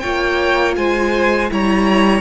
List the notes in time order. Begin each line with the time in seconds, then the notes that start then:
0.00 A#3 F4 C#5 G5
0.76 G#3 C5 G#5
1.50 G3 E4 C#5 A#5